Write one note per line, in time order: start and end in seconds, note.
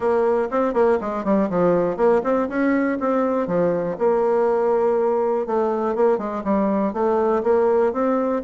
0.00 0.48 A#3
0.50 0.73 C4
0.73 0.98 A#3
1.00 1.24 G#3
1.24 1.49 G3
1.49 1.96 F3
1.96 2.21 A#3
2.23 2.48 C4
2.48 2.98 C#4
3.00 3.47 C4
3.47 3.96 F3
3.98 5.46 A#3
5.46 5.95 A3
5.95 6.18 A#3
6.18 6.43 G#3
6.43 6.93 G3
6.93 7.42 A3
7.43 7.92 A#3
7.92 8.42 C4